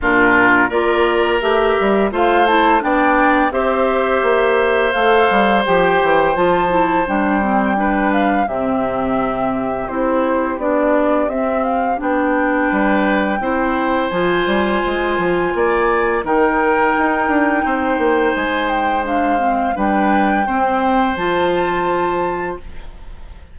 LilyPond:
<<
  \new Staff \with { instrumentName = "flute" } { \time 4/4 \tempo 4 = 85 ais'4 d''4 e''4 f''8 a''8 | g''4 e''2 f''4 | g''4 a''4 g''4. f''8 | e''2 c''4 d''4 |
e''8 f''8 g''2. | gis''2. g''4~ | g''2 gis''8 g''8 f''4 | g''2 a''2 | }
  \new Staff \with { instrumentName = "oboe" } { \time 4/4 f'4 ais'2 c''4 | d''4 c''2.~ | c''2. b'4 | g'1~ |
g'2 b'4 c''4~ | c''2 d''4 ais'4~ | ais'4 c''2. | b'4 c''2. | }
  \new Staff \with { instrumentName = "clarinet" } { \time 4/4 d'4 f'4 g'4 f'8 e'8 | d'4 g'2 a'4 | g'4 f'8 e'8 d'8 c'8 d'4 | c'2 e'4 d'4 |
c'4 d'2 e'4 | f'2. dis'4~ | dis'2. d'8 c'8 | d'4 c'4 f'2 | }
  \new Staff \with { instrumentName = "bassoon" } { \time 4/4 ais,4 ais4 a8 g8 a4 | b4 c'4 ais4 a8 g8 | f8 e8 f4 g2 | c2 c'4 b4 |
c'4 b4 g4 c'4 | f8 g8 gis8 f8 ais4 dis4 | dis'8 d'8 c'8 ais8 gis2 | g4 c'4 f2 | }
>>